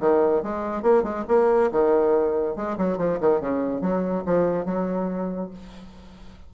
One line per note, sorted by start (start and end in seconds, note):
0.00 0.43 D#3
0.43 0.82 G#3
0.82 1.03 A#3
1.03 1.24 G#3
1.28 1.71 A#3
1.72 2.56 D#3
2.56 2.77 G#3
2.78 2.98 F#3
2.98 3.19 F3
3.21 3.40 D#3
3.40 3.81 C#3
3.81 4.24 F#3
4.26 4.65 F3
4.65 5.50 F#3